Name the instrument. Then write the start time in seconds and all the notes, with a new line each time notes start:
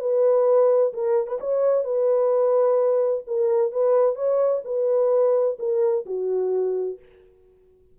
horn
0.00 B4
0.93 A#4
1.27 B4
1.40 C#5
1.85 B4
3.27 A#4
3.72 B4
4.15 C#5
4.65 B4
5.59 A#4
6.06 F#4